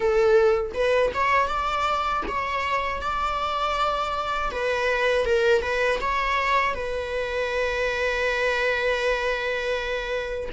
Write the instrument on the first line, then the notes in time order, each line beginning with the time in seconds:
viola
0.00 A4
0.74 B4
1.14 C#5
1.48 D5
2.28 C#5
3.01 D5
4.51 B4
5.25 A#4
5.62 B4
6.00 C#5
6.74 B4